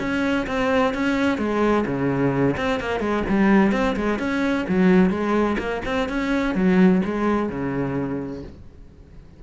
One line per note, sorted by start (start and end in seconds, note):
0.00 0.47 C#4
0.48 0.94 C4
0.94 1.38 C#4
1.38 1.85 G#3
1.86 2.57 C#3
2.57 2.81 C4
2.81 3.00 A#3
3.00 3.24 G#3
3.29 3.72 G3
3.72 3.96 C4
3.97 4.19 G#3
4.19 4.66 C#4
4.69 5.11 F#3
5.11 5.57 G#3
5.59 5.82 A#3
5.86 6.09 C4
6.09 6.55 C#4
6.55 7.02 F#3
7.05 7.50 G#3
7.50 8.43 C#3